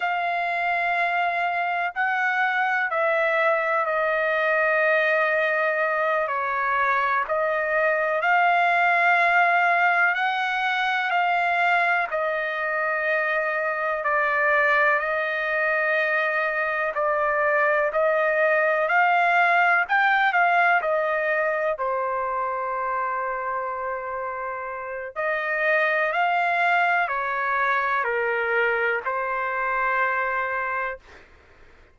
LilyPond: \new Staff \with { instrumentName = "trumpet" } { \time 4/4 \tempo 4 = 62 f''2 fis''4 e''4 | dis''2~ dis''8 cis''4 dis''8~ | dis''8 f''2 fis''4 f''8~ | f''8 dis''2 d''4 dis''8~ |
dis''4. d''4 dis''4 f''8~ | f''8 g''8 f''8 dis''4 c''4.~ | c''2 dis''4 f''4 | cis''4 ais'4 c''2 | }